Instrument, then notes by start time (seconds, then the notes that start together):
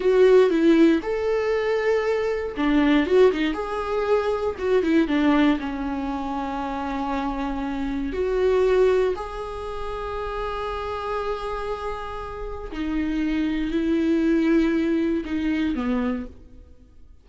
viola
0.00 F#4
0.49 E4
1.02 A4
2.56 D4
3.06 F#4
3.32 D#4
3.53 G#4
4.58 F#4
4.82 E4
5.07 D4
5.59 C#4
8.12 F#4
9.15 G#4
12.71 D#4
13.71 E4
15.25 D#4
15.75 B3